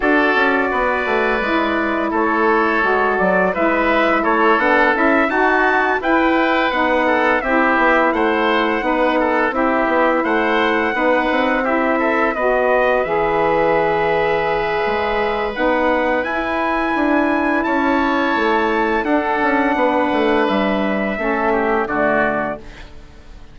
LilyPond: <<
  \new Staff \with { instrumentName = "trumpet" } { \time 4/4 \tempo 4 = 85 d''2. cis''4~ | cis''8 d''8 e''4 cis''8 fis''8 e''8 a''8~ | a''8 g''4 fis''4 e''4 fis''8~ | fis''4. e''4 fis''4.~ |
fis''8 e''4 dis''4 e''4.~ | e''2 fis''4 gis''4~ | gis''4 a''2 fis''4~ | fis''4 e''2 d''4 | }
  \new Staff \with { instrumentName = "oboe" } { \time 4/4 a'4 b'2 a'4~ | a'4 b'4 a'4. fis'8~ | fis'8 b'4. a'8 g'4 c''8~ | c''8 b'8 a'8 g'4 c''4 b'8~ |
b'8 g'8 a'8 b'2~ b'8~ | b'1~ | b'4 cis''2 a'4 | b'2 a'8 g'8 fis'4 | }
  \new Staff \with { instrumentName = "saxophone" } { \time 4/4 fis'2 e'2 | fis'4 e'4. d'8 e'8 fis'8~ | fis'8 e'4 dis'4 e'4.~ | e'8 dis'4 e'2 dis'8~ |
dis'8 e'4 fis'4 gis'4.~ | gis'2 dis'4 e'4~ | e'2. d'4~ | d'2 cis'4 a4 | }
  \new Staff \with { instrumentName = "bassoon" } { \time 4/4 d'8 cis'8 b8 a8 gis4 a4 | gis8 fis8 gis4 a8 b8 cis'8 dis'8~ | dis'8 e'4 b4 c'8 b8 a8~ | a8 b4 c'8 b8 a4 b8 |
c'4. b4 e4.~ | e4 gis4 b4 e'4 | d'4 cis'4 a4 d'8 cis'8 | b8 a8 g4 a4 d4 | }
>>